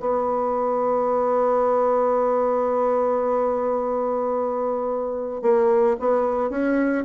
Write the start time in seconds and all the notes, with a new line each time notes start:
0.00 B3
5.42 A#3
6.00 B3
6.50 C#4